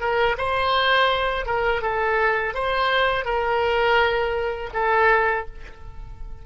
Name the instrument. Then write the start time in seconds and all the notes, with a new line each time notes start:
oboe
0.00 A#4
0.38 C5
1.46 A#4
1.82 A4
2.54 C5
3.25 A#4
4.73 A4